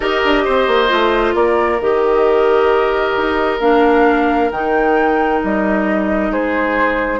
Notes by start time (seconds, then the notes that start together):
0.00 D#4 G4 A#4 D#5
0.24 D4
0.44 C4 C5
0.67 A#3
0.88 A3 F4
1.34 A#3 A#4 D5
1.80 D#3 G4 D#5
3.16 D#4
3.60 A#3 D4 F5
4.51 D#3 D#4 G5
5.42 G3 D#5
6.30 G#3 G#4 C5